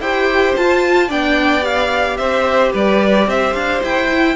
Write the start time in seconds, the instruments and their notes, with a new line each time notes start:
0.00 cello E4, viola G4, violin C5 G5
0.56 viola F4, cello F4, violin A5
1.08 cello B3, viola D4, violin D5 G5
1.61 viola G4, violin F5
2.17 cello C4, violin C5 E5
2.73 cello G3, violin B4 D5
3.27 cello C4, violin C5 E5
3.54 cello D4, violin F5
3.83 cello E4, violin G5
4.12 viola E4